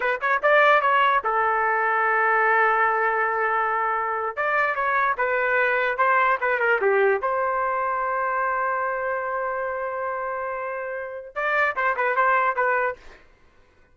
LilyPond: \new Staff \with { instrumentName = "trumpet" } { \time 4/4 \tempo 4 = 148 b'8 cis''8 d''4 cis''4 a'4~ | a'1~ | a'2~ a'8. d''4 cis''16~ | cis''8. b'2 c''4 b'16~ |
b'16 ais'8 g'4 c''2~ c''16~ | c''1~ | c''1 | d''4 c''8 b'8 c''4 b'4 | }